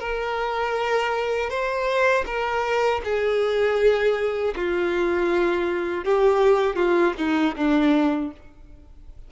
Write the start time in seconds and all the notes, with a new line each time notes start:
0.00 A#4
1.50 C5
2.26 A#4
3.04 G#4
4.56 F4
6.05 G4
6.76 F4
7.18 D#4
7.56 D4